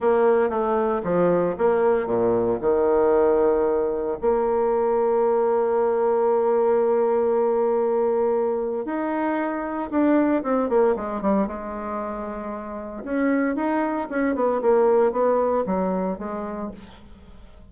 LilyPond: \new Staff \with { instrumentName = "bassoon" } { \time 4/4 \tempo 4 = 115 ais4 a4 f4 ais4 | ais,4 dis2. | ais1~ | ais1~ |
ais4 dis'2 d'4 | c'8 ais8 gis8 g8 gis2~ | gis4 cis'4 dis'4 cis'8 b8 | ais4 b4 fis4 gis4 | }